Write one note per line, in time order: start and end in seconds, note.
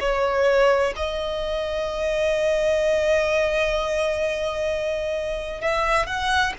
0.00 0.94 C#5
0.96 5.61 D#5
5.61 6.06 E5
6.06 6.53 F#5